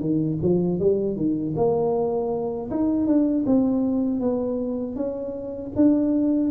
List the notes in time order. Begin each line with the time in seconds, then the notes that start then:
0.00 D#3
0.42 F3
0.79 G3
1.16 D#3
1.56 A#3
2.71 D#4
3.07 D4
3.46 C4
4.20 B3
4.96 C#4
5.75 D4